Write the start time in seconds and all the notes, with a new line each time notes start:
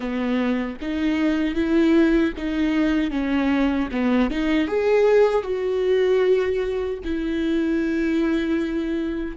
0.00 B3
0.81 D#4
1.54 E4
2.37 D#4
3.11 C#4
3.91 B3
4.30 D#4
4.68 G#4
5.42 F#4
7.04 E4